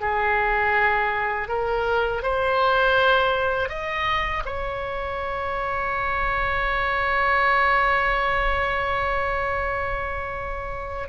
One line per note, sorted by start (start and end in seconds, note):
0.00 1.48 G#4
1.48 2.22 A#4
2.22 3.68 C5
3.68 4.42 D#5
4.45 11.08 C#5